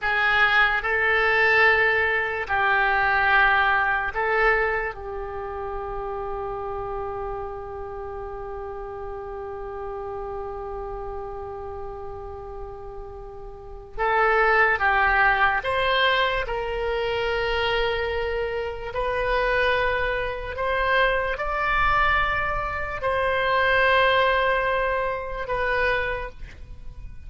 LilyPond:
\new Staff \with { instrumentName = "oboe" } { \time 4/4 \tempo 4 = 73 gis'4 a'2 g'4~ | g'4 a'4 g'2~ | g'1~ | g'1~ |
g'4 a'4 g'4 c''4 | ais'2. b'4~ | b'4 c''4 d''2 | c''2. b'4 | }